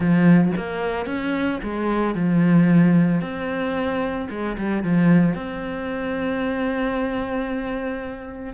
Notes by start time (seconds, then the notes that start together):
0.00 F3
0.56 A#3
1.05 C#4
1.63 G#3
2.14 F3
3.21 C4
4.30 G#3
4.57 G3
4.83 F3
5.34 C4